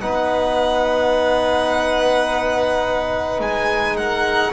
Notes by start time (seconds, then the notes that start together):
0.00 B3 D#4 B4 F#5
3.40 G#3 G#5
3.96 A#4 F#5